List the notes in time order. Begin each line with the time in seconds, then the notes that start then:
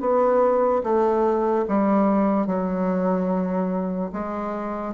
0.00 B3
0.83 A3
1.68 G3
2.47 F#3
4.12 G#3